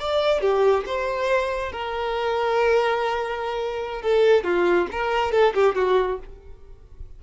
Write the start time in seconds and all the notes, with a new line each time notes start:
0.00 D5
0.41 G4
0.86 C5
1.72 A#4
4.02 A4
4.44 F4
4.92 A#4
5.32 A4
5.55 G4
5.76 F#4